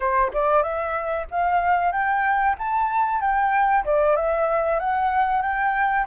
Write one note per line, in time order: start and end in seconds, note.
0.00 0.31 C5
0.33 0.62 D5
0.62 1.26 E5
1.30 1.91 F5
1.91 2.55 G5
2.58 3.20 A5
3.20 3.84 G5
3.84 4.15 D5
4.15 4.79 E5
4.79 5.42 F#5
5.42 6.06 G5